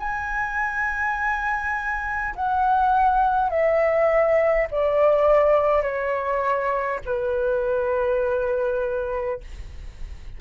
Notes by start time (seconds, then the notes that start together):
0.00 G#5
2.36 F#5
3.50 E5
4.72 D5
5.82 C#5
7.06 B4